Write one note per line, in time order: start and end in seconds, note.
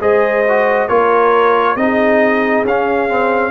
0.00 0.88 G#3
0.00 0.45 G#4
0.00 0.89 C5
0.00 0.88 D#5
0.48 0.89 F#4
0.88 1.76 A#3
0.88 1.77 F4
0.88 1.77 A#4
0.88 1.76 C#5
1.76 2.64 C4
1.76 2.65 D#4
1.76 3.51 G#4
1.76 2.65 D#5
2.64 3.51 C#4
2.64 3.09 C#4
2.64 3.51 F5
3.09 3.51 C4